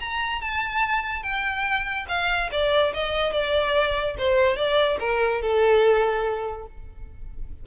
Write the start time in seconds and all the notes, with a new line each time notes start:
0.00 A#5
0.41 A5
1.23 G5
2.08 F5
2.52 D5
2.93 D#5
3.32 D5
4.18 C5
4.56 D5
5.00 A#4
5.41 A4